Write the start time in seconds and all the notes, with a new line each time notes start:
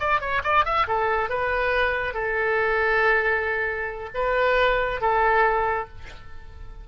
0.00 D5
0.21 C#5
0.44 D5
0.65 E5
0.88 A4
1.30 B4
2.14 A4
4.15 B4
5.02 A4